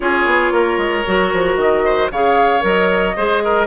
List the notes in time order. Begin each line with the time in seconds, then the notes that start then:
0.00 C#4 F4 G#4 C#5
0.25 B3
0.51 A#3 A#4
0.77 G#3
1.05 F#3 F#4
1.33 F3
1.56 D#3 D#5
1.84 C5
2.10 C#3 G#4 C#5 F5
2.60 F#3 A#4 D#5
3.16 G#3 G#4 C5
3.44 A#4